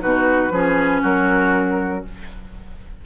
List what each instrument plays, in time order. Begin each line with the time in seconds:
0.00 bassoon B2, clarinet D#4, oboe F#4, flute B4
0.50 bassoon F3, clarinet C#4, oboe G#4
1.02 bassoon F#3, oboe F#4, flute A#4